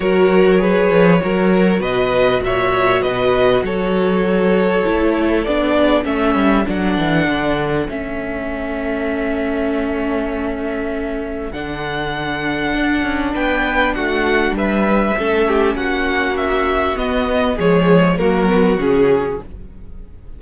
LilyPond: <<
  \new Staff \with { instrumentName = "violin" } { \time 4/4 \tempo 4 = 99 cis''2. dis''4 | e''4 dis''4 cis''2~ | cis''4 d''4 e''4 fis''4~ | fis''4 e''2.~ |
e''2. fis''4~ | fis''2 g''4 fis''4 | e''2 fis''4 e''4 | dis''4 cis''4 ais'4 gis'4 | }
  \new Staff \with { instrumentName = "violin" } { \time 4/4 ais'4 b'4 ais'4 b'4 | cis''4 b'4 a'2~ | a'4. gis'8 a'2~ | a'1~ |
a'1~ | a'2 b'4 fis'4 | b'4 a'8 g'8 fis'2~ | fis'4 gis'4 fis'2 | }
  \new Staff \with { instrumentName = "viola" } { \time 4/4 fis'4 gis'4 fis'2~ | fis'1 | e'4 d'4 cis'4 d'4~ | d'4 cis'2.~ |
cis'2. d'4~ | d'1~ | d'4 cis'2. | b4 gis4 ais8 b8 cis'4 | }
  \new Staff \with { instrumentName = "cello" } { \time 4/4 fis4. f8 fis4 b,4 | ais,4 b,4 fis2 | a4 b4 a8 g8 fis8 e8 | d4 a2.~ |
a2. d4~ | d4 d'8 cis'8 b4 a4 | g4 a4 ais2 | b4 f4 fis4 cis4 | }
>>